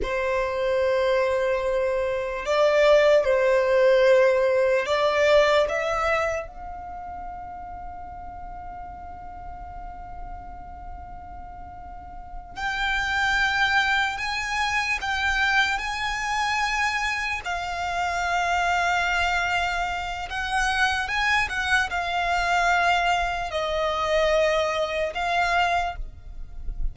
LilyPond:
\new Staff \with { instrumentName = "violin" } { \time 4/4 \tempo 4 = 74 c''2. d''4 | c''2 d''4 e''4 | f''1~ | f''2.~ f''8 g''8~ |
g''4. gis''4 g''4 gis''8~ | gis''4. f''2~ f''8~ | f''4 fis''4 gis''8 fis''8 f''4~ | f''4 dis''2 f''4 | }